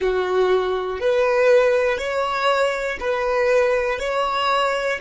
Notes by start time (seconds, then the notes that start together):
0.00 F#4
1.00 B4
1.97 C#5
3.00 B4
3.99 C#5